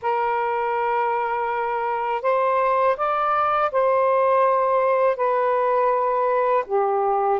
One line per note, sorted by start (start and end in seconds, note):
0.02 2.22 A#4
2.22 2.96 C5
2.96 3.70 D5
3.71 5.16 C5
5.16 6.64 B4
6.66 7.39 G4